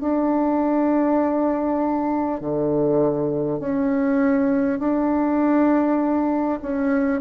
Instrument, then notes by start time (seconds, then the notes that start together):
bassoon
0.00 D4
2.40 D3
3.59 C#4
4.79 D4
6.62 C#4